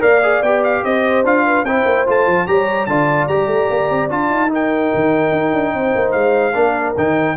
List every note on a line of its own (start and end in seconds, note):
0.00 0.42 A#3
0.00 0.20 A#4
0.00 0.83 D5
0.00 0.42 F5
0.23 0.43 G#4
0.42 0.83 B3
0.42 1.25 G4
0.42 0.63 G5
0.64 0.84 F5
0.84 1.24 C4
0.84 1.46 C5
0.84 1.25 D#5
1.24 1.64 D4
1.24 1.66 F4
1.24 1.65 F5
1.46 1.65 B4
1.64 1.84 C4
1.64 2.07 E4
1.64 2.46 C5
1.64 2.06 G5
1.85 2.05 A#3
2.07 2.26 A3
2.07 2.47 F4
2.07 2.47 A5
2.26 2.47 F3
2.47 2.87 G3
2.47 2.88 G4
2.47 2.89 C#5
2.47 2.86 A#5
2.86 3.28 D3
2.86 3.30 F4
2.86 4.52 D5
2.86 3.27 A5
3.28 3.47 G3
3.28 4.09 G4
3.28 4.09 A#5
3.47 3.67 A3
3.70 3.90 A#3
3.90 4.10 C4
4.09 4.30 D4
4.09 4.49 F4
4.09 4.52 A5
4.30 4.91 D#4
4.49 6.53 D#4
4.49 5.75 A#4
4.49 6.12 G5
4.94 5.32 D#3
5.32 5.52 D#4
5.53 5.74 D4
5.74 5.94 C4
5.74 6.55 C5
5.95 6.14 A#3
6.12 6.55 G#3
6.12 6.93 F5
6.54 6.96 A#3
6.54 6.95 D4
6.54 7.37 A#4
6.97 7.37 D#3
6.97 7.37 D#4
6.97 7.37 G5